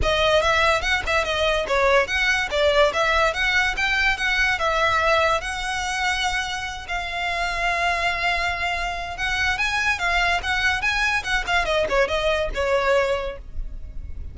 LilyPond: \new Staff \with { instrumentName = "violin" } { \time 4/4 \tempo 4 = 144 dis''4 e''4 fis''8 e''8 dis''4 | cis''4 fis''4 d''4 e''4 | fis''4 g''4 fis''4 e''4~ | e''4 fis''2.~ |
fis''8 f''2.~ f''8~ | f''2 fis''4 gis''4 | f''4 fis''4 gis''4 fis''8 f''8 | dis''8 cis''8 dis''4 cis''2 | }